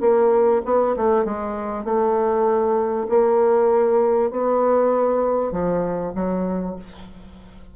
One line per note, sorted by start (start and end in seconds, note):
0.00 0.61 A#3
0.65 0.95 B3
0.96 1.24 A3
1.24 1.84 G#3
1.84 3.06 A3
3.09 4.30 A#3
4.30 5.51 B3
5.51 6.12 F3
6.14 6.75 F#3